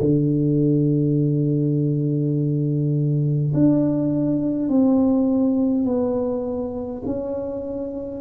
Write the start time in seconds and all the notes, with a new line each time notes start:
0.00 D3
3.54 D4
4.69 C4
5.85 B3
7.05 C#4